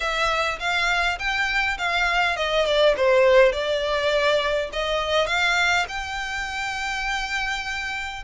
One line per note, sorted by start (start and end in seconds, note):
0.00 0.59 E5
0.59 1.18 F5
1.18 1.77 G5
1.78 2.36 F5
2.36 2.65 D#5
2.65 2.94 D5
2.96 3.52 C5
3.52 4.70 D5
4.72 5.26 D#5
5.26 5.85 F5
5.88 8.23 G5